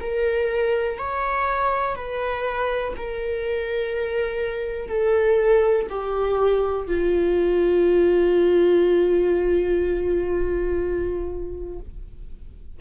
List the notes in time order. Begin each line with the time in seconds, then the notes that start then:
0.00 A#4
0.98 C#5
1.95 B4
2.96 A#4
4.88 A4
5.89 G4
6.87 F4